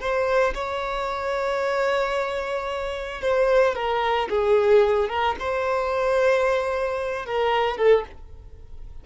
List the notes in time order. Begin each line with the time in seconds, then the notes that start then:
0.00 C5
0.54 C#5
3.21 C5
3.75 A#4
4.29 G#4
5.09 A#4
5.39 C5
7.25 A#4
7.77 A4